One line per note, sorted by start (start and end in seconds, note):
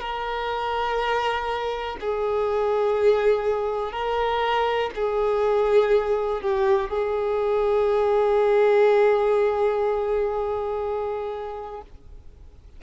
0.00 1.97 A#4
2.01 3.93 G#4
3.93 4.91 A#4
4.95 6.42 G#4
6.42 6.90 G4
6.90 11.82 G#4